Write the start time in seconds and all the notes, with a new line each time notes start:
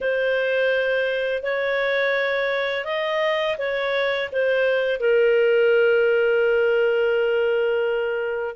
0.01 C5
1.43 C#5
2.84 D#5
3.57 C#5
4.31 C5
5.00 A#4